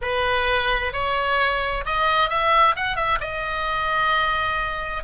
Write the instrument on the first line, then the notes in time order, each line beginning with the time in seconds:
oboe
0.01 B4
0.92 C#5
1.85 D#5
2.29 E5
2.76 F#5
2.95 E5
3.20 D#5